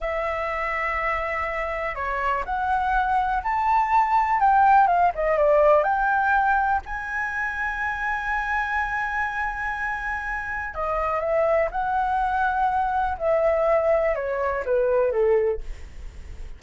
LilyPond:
\new Staff \with { instrumentName = "flute" } { \time 4/4 \tempo 4 = 123 e''1 | cis''4 fis''2 a''4~ | a''4 g''4 f''8 dis''8 d''4 | g''2 gis''2~ |
gis''1~ | gis''2 dis''4 e''4 | fis''2. e''4~ | e''4 cis''4 b'4 a'4 | }